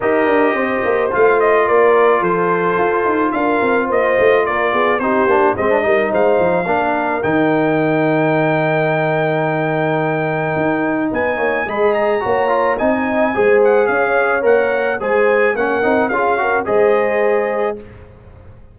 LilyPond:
<<
  \new Staff \with { instrumentName = "trumpet" } { \time 4/4 \tempo 4 = 108 dis''2 f''8 dis''8 d''4 | c''2 f''4 dis''4 | d''4 c''4 dis''4 f''4~ | f''4 g''2.~ |
g''1 | gis''4 b''8 ais''4. gis''4~ | gis''8 fis''8 f''4 fis''4 gis''4 | fis''4 f''4 dis''2 | }
  \new Staff \with { instrumentName = "horn" } { \time 4/4 ais'4 c''2 ais'4 | a'2 ais'4 c''4 | ais'8 gis'8 g'4 c''8 ais'8 c''4 | ais'1~ |
ais'1 | b'8 cis''8 dis''4 cis''4 dis''4 | c''4 cis''2 c''4 | ais'4 gis'8 ais'8 c''2 | }
  \new Staff \with { instrumentName = "trombone" } { \time 4/4 g'2 f'2~ | f'1~ | f'4 dis'8 d'8 c'16 d'16 dis'4. | d'4 dis'2.~ |
dis'1~ | dis'4 gis'4 fis'8 f'8 dis'4 | gis'2 ais'4 gis'4 | cis'8 dis'8 f'8 fis'8 gis'2 | }
  \new Staff \with { instrumentName = "tuba" } { \time 4/4 dis'8 d'8 c'8 ais8 a4 ais4 | f4 f'8 dis'8 d'8 c'8 ais8 a8 | ais8 b8 c'8 ais8 gis8 g8 gis8 f8 | ais4 dis2.~ |
dis2. dis'4 | b8 ais8 gis4 ais4 c'4 | gis4 cis'4 ais4 gis4 | ais8 c'8 cis'4 gis2 | }
>>